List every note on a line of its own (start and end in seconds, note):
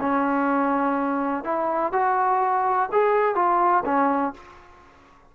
0.00 1.43 C#4
1.43 1.92 E4
1.92 2.89 F#4
2.92 3.35 G#4
3.35 3.83 F4
3.85 4.33 C#4